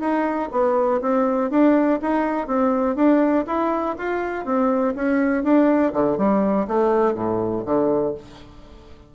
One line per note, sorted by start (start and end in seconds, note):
0.00 0.49 D#4
0.52 1.01 B3
1.01 1.50 C4
1.50 2.00 D4
2.01 2.47 D#4
2.47 2.96 C4
2.96 3.45 D4
3.47 3.96 E4
3.98 4.45 F4
4.45 4.94 C4
4.95 5.43 C#4
5.43 5.93 D4
5.93 6.17 D3
6.17 6.67 G3
6.68 7.14 A3
7.14 7.63 A2
7.65 8.14 D3